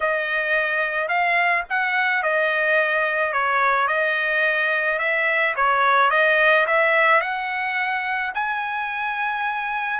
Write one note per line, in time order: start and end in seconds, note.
0.00 1.08 D#5
1.08 1.64 F5
1.69 2.22 F#5
2.22 3.32 D#5
3.32 3.87 C#5
3.87 4.98 D#5
4.98 5.54 E5
5.56 6.10 C#5
6.10 6.65 D#5
6.66 7.20 E5
7.20 8.32 F#5
8.34 10.00 G#5